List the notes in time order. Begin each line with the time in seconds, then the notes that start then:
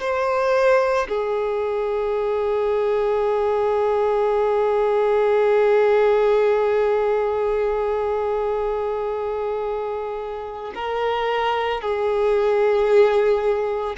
0.00 C5
1.08 G#4
10.75 A#4
11.81 G#4